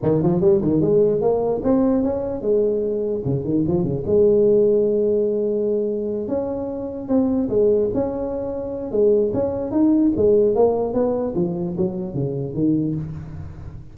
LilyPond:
\new Staff \with { instrumentName = "tuba" } { \time 4/4 \tempo 4 = 148 dis8 f8 g8 dis8 gis4 ais4 | c'4 cis'4 gis2 | cis8 dis8 f8 cis8 gis2~ | gis2.~ gis8 cis'8~ |
cis'4. c'4 gis4 cis'8~ | cis'2 gis4 cis'4 | dis'4 gis4 ais4 b4 | f4 fis4 cis4 dis4 | }